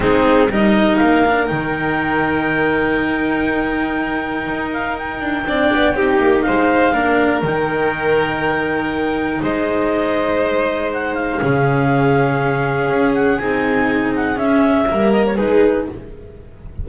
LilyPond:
<<
  \new Staff \with { instrumentName = "clarinet" } { \time 4/4 \tempo 4 = 121 gis'4 dis''4 f''4 g''4~ | g''1~ | g''4. f''8 g''2~ | g''4 f''2 g''4~ |
g''2. dis''4~ | dis''2 fis''8 f''4.~ | f''2~ f''8 fis''8 gis''4~ | gis''8 fis''8 e''4. dis''16 cis''16 b'4 | }
  \new Staff \with { instrumentName = "violin" } { \time 4/4 dis'4 ais'2.~ | ais'1~ | ais'2. d''4 | g'4 c''4 ais'2~ |
ais'2. c''4~ | c''2. gis'4~ | gis'1~ | gis'2 ais'4 gis'4 | }
  \new Staff \with { instrumentName = "cello" } { \time 4/4 c'4 dis'4. d'8 dis'4~ | dis'1~ | dis'2. d'4 | dis'2 d'4 dis'4~ |
dis'1~ | dis'2. cis'4~ | cis'2. dis'4~ | dis'4 cis'4 ais4 dis'4 | }
  \new Staff \with { instrumentName = "double bass" } { \time 4/4 gis4 g4 ais4 dis4~ | dis1~ | dis4 dis'4. d'8 c'8 b8 | c'8 ais8 gis4 ais4 dis4~ |
dis2. gis4~ | gis2. cis4~ | cis2 cis'4 c'4~ | c'4 cis'4 g4 gis4 | }
>>